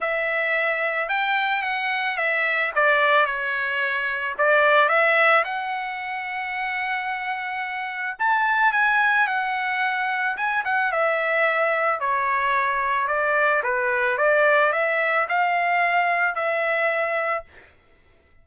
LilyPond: \new Staff \with { instrumentName = "trumpet" } { \time 4/4 \tempo 4 = 110 e''2 g''4 fis''4 | e''4 d''4 cis''2 | d''4 e''4 fis''2~ | fis''2. a''4 |
gis''4 fis''2 gis''8 fis''8 | e''2 cis''2 | d''4 b'4 d''4 e''4 | f''2 e''2 | }